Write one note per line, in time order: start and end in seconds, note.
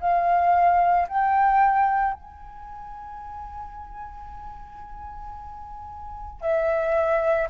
0.00 1.07 F5
1.09 2.13 G5
2.13 6.41 G#5
6.41 7.48 E5